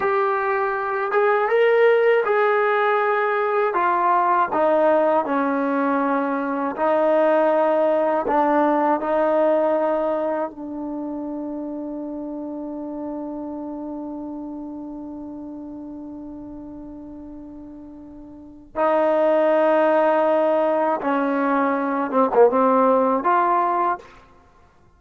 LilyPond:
\new Staff \with { instrumentName = "trombone" } { \time 4/4 \tempo 4 = 80 g'4. gis'8 ais'4 gis'4~ | gis'4 f'4 dis'4 cis'4~ | cis'4 dis'2 d'4 | dis'2 d'2~ |
d'1~ | d'1~ | d'4 dis'2. | cis'4. c'16 ais16 c'4 f'4 | }